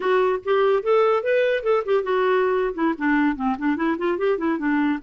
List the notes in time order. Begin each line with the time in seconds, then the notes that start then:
0.00 F#4
0.44 G4
0.82 A4
1.23 B4
1.63 A4
1.85 G4
2.03 F#4
2.74 E4
2.98 D4
3.35 C4
3.58 D4
3.76 E4
3.98 F4
4.18 G4
4.37 E4
4.58 D4